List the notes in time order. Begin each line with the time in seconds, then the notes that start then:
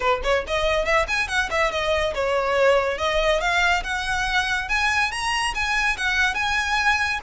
0.00 B4
0.23 C#5
0.47 D#5
0.85 E5
1.08 G#5
1.28 F#5
1.50 E5
1.71 D#5
2.14 C#5
2.98 D#5
3.40 F5
3.83 F#5
4.68 G#5
5.11 A#5
5.54 G#5
5.97 F#5
6.34 G#5